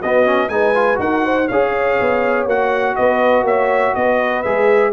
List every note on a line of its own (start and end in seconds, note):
0.00 0.49 B3
0.00 0.25 B3
0.00 0.49 F#4
0.00 0.49 D#5
0.25 0.49 C#4
0.49 0.98 G#3
0.49 0.75 D#4
0.49 1.01 B4
0.49 0.98 G#5
0.75 0.95 F4
0.95 1.48 D#4
0.95 1.44 F#4
0.95 1.25 A#4
0.95 1.48 F#5
1.25 1.48 C5
1.48 2.00 C#4
1.48 2.49 G#4
1.48 2.95 C#5
1.48 2.46 F5
2.00 2.45 B3
2.45 2.94 A#3
2.45 4.44 F#4
2.45 2.96 F#5
2.96 3.43 B3
2.96 3.45 B4
2.96 3.45 D#5
3.43 3.92 A#3
3.43 3.95 C#5
3.43 3.95 E5
3.95 4.45 B3
3.95 4.93 B4
3.95 4.43 D#5
4.43 4.93 G#3
4.43 4.93 G#4
4.43 4.92 E5